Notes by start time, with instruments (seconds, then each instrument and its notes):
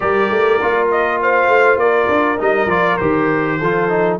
0.00 tuba G3, trombone G4, horn A#4, trumpet D5
0.30 tuba A3
0.61 tuba A#3, trombone F4
0.91 trumpet D#5
1.22 horn C5, trumpet F5
1.48 tuba A3
1.77 tuba A#3, horn A#4, trumpet D5
2.08 tuba D4
2.38 tuba G3, trombone D#4, trumpet D#5
2.66 tuba F3, trombone F4, trumpet D5
2.97 tuba D#3, trombone G4, trumpet C5
3.59 tuba F3, trombone F4, horn A4
3.89 trombone D#4